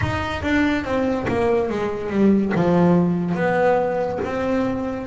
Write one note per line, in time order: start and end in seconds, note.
0.01 0.42 D#4
0.42 0.84 D4
0.84 1.26 C4
1.28 1.69 A#3
1.69 2.10 G#3
2.10 2.52 G3
2.55 3.34 F3
3.34 4.19 B3
4.24 5.07 C4